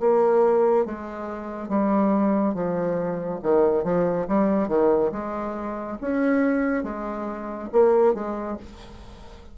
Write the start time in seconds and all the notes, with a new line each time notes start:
0.00 A#3
0.86 G#3
1.69 G3
2.55 F3
3.43 D#3
3.85 F3
4.28 G3
4.69 D#3
5.12 G#3
6.02 C#4
6.84 G#3
7.73 A#3
8.15 G#3